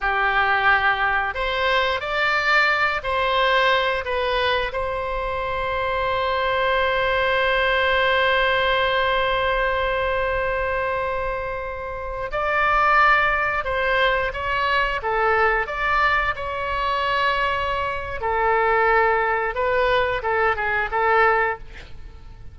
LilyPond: \new Staff \with { instrumentName = "oboe" } { \time 4/4 \tempo 4 = 89 g'2 c''4 d''4~ | d''8 c''4. b'4 c''4~ | c''1~ | c''1~ |
c''2~ c''16 d''4.~ d''16~ | d''16 c''4 cis''4 a'4 d''8.~ | d''16 cis''2~ cis''8. a'4~ | a'4 b'4 a'8 gis'8 a'4 | }